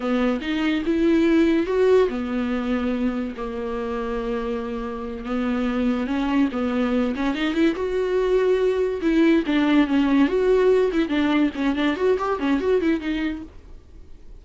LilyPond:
\new Staff \with { instrumentName = "viola" } { \time 4/4 \tempo 4 = 143 b4 dis'4 e'2 | fis'4 b2. | ais1~ | ais8 b2 cis'4 b8~ |
b4 cis'8 dis'8 e'8 fis'4.~ | fis'4. e'4 d'4 cis'8~ | cis'8 fis'4. e'8 d'4 cis'8 | d'8 fis'8 g'8 cis'8 fis'8 e'8 dis'4 | }